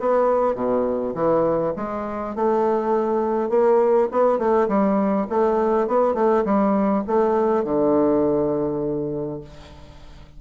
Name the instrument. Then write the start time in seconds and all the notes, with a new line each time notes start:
bassoon
0.00 B3
0.56 B2
1.15 E3
1.77 G#3
2.36 A3
3.50 A#3
4.12 B3
4.39 A3
4.68 G3
5.30 A3
5.88 B3
6.15 A3
6.45 G3
7.07 A3
7.65 D3